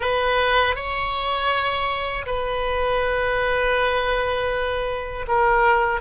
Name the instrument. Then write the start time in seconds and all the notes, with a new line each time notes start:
oboe
0.00 B4
0.75 C#5
2.26 B4
5.27 A#4